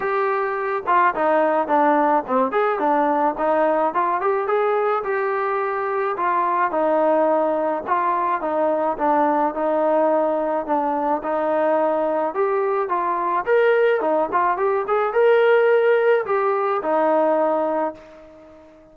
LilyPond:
\new Staff \with { instrumentName = "trombone" } { \time 4/4 \tempo 4 = 107 g'4. f'8 dis'4 d'4 | c'8 gis'8 d'4 dis'4 f'8 g'8 | gis'4 g'2 f'4 | dis'2 f'4 dis'4 |
d'4 dis'2 d'4 | dis'2 g'4 f'4 | ais'4 dis'8 f'8 g'8 gis'8 ais'4~ | ais'4 g'4 dis'2 | }